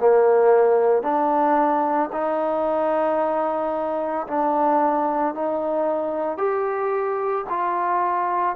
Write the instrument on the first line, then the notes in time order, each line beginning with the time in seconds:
trombone
0.00 A#3
1.02 D4
2.12 D#4
4.27 D4
5.34 D#4
6.38 G4
7.50 F4